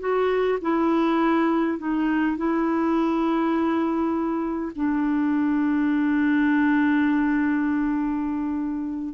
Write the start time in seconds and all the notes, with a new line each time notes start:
0.00 F#4
0.61 E4
1.78 D#4
2.37 E4
4.75 D4